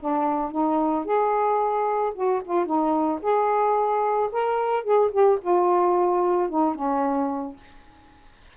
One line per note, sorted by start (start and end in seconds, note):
0.00 0.52 D4
0.52 1.05 D#4
1.05 2.14 G#4
2.15 2.42 F#4
2.45 2.66 F4
2.66 3.20 D#4
3.22 4.30 G#4
4.32 4.84 A#4
4.84 5.11 G#4
5.12 5.39 G4
5.42 6.50 F4
6.50 6.75 D#4
6.75 7.57 C#4